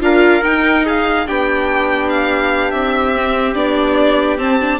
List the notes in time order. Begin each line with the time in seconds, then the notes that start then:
0.00 D4 F4 A#4 F5
0.43 D#4 G5
0.85 G#4 F5
1.26 B3 D4 G4 G5
2.09 F5
2.71 C4 E5
3.15 C4
3.54 B3 D4 D5
4.38 C4 A5
4.61 D4